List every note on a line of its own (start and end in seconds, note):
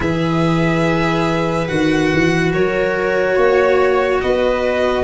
0.00 1.68 E3
0.00 1.67 G#4
0.00 2.53 B4
0.00 1.67 E5
1.67 2.12 D#3
1.67 5.03 F#4
1.67 2.52 F#5
2.13 2.53 E3
2.53 3.36 F#3
2.53 3.35 A#4
2.53 4.20 C#5
3.35 4.21 A#3
3.35 4.20 C#5
4.20 5.03 B3
4.20 5.03 B4
4.20 5.03 D#5